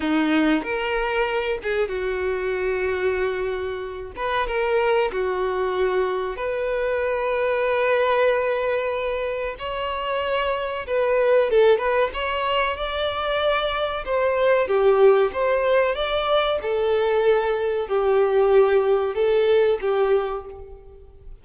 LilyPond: \new Staff \with { instrumentName = "violin" } { \time 4/4 \tempo 4 = 94 dis'4 ais'4. gis'8 fis'4~ | fis'2~ fis'8 b'8 ais'4 | fis'2 b'2~ | b'2. cis''4~ |
cis''4 b'4 a'8 b'8 cis''4 | d''2 c''4 g'4 | c''4 d''4 a'2 | g'2 a'4 g'4 | }